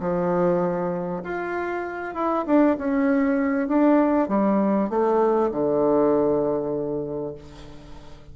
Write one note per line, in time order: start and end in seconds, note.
0.00 1.22 F3
1.24 2.15 F4
2.15 2.45 E4
2.47 2.77 D4
2.78 3.68 C#4
3.68 4.29 D4
4.29 4.90 G3
4.90 5.51 A3
5.52 7.35 D3